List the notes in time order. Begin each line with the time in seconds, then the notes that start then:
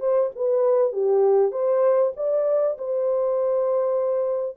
0.00 C5
0.36 B4
0.93 G4
1.52 C5
2.17 D5
2.78 C5